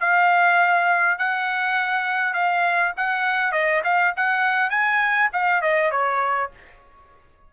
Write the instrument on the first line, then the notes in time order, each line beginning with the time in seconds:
trumpet
0.00 F5
1.19 F#5
2.34 F5
2.97 F#5
3.52 D#5
3.84 F5
4.17 F#5
4.70 G#5
5.33 F5
5.62 D#5
5.92 C#5